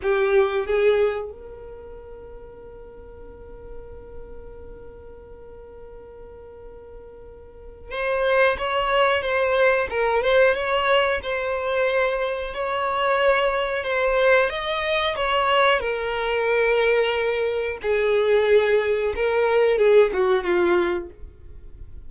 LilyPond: \new Staff \with { instrumentName = "violin" } { \time 4/4 \tempo 4 = 91 g'4 gis'4 ais'2~ | ais'1~ | ais'1 | c''4 cis''4 c''4 ais'8 c''8 |
cis''4 c''2 cis''4~ | cis''4 c''4 dis''4 cis''4 | ais'2. gis'4~ | gis'4 ais'4 gis'8 fis'8 f'4 | }